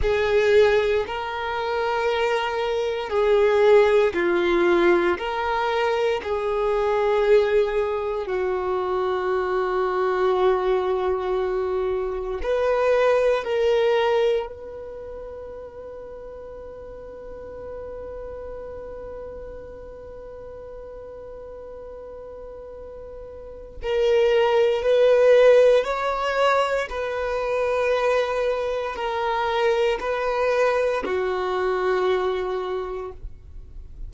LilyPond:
\new Staff \with { instrumentName = "violin" } { \time 4/4 \tempo 4 = 58 gis'4 ais'2 gis'4 | f'4 ais'4 gis'2 | fis'1 | b'4 ais'4 b'2~ |
b'1~ | b'2. ais'4 | b'4 cis''4 b'2 | ais'4 b'4 fis'2 | }